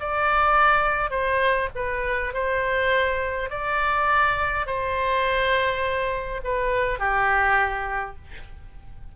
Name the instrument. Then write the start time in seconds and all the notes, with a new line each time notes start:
oboe
0.00 D5
1.11 C5
1.75 B4
2.34 C5
3.50 D5
4.67 C5
6.44 B4
6.99 G4